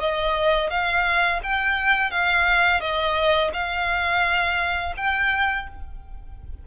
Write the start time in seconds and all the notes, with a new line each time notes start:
0.00 D#5
0.70 F5
1.43 G5
2.10 F5
2.80 D#5
3.53 F5
4.96 G5